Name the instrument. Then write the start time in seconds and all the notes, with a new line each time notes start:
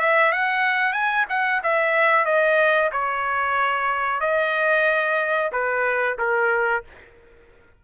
trumpet
0.00 E5
0.32 F#5
0.93 G#5
1.29 F#5
1.64 E5
2.26 D#5
2.92 C#5
4.21 D#5
5.52 B4
6.19 A#4